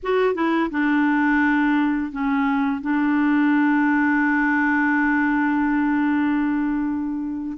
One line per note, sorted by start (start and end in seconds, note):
0.03 0.34 F#4
0.34 0.69 E4
0.70 2.11 D4
2.11 2.81 C#4
2.81 7.57 D4